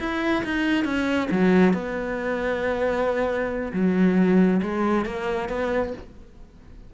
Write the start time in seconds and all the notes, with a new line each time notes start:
0.00 E4
0.45 D#4
0.85 C#4
1.31 F#3
1.74 B3
3.73 F#3
4.62 G#3
5.06 A#3
5.49 B3